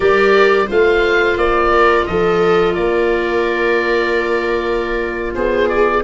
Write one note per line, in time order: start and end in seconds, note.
0.00 0.67 G3
0.00 0.67 G4
0.00 0.66 A#4
0.00 0.69 D5
0.66 1.36 A3
0.66 6.02 F4
0.66 1.70 C5
0.66 1.38 F5
1.36 2.05 A#3
1.36 2.05 D5
1.71 2.06 A#4
2.05 2.76 F3
2.05 2.74 A4
2.05 2.74 D#5
2.74 5.35 A#3
2.74 5.32 A#4
2.74 5.33 D5
5.34 6.03 B3
5.34 6.03 G#4
5.34 5.68 C5
5.68 6.03 D5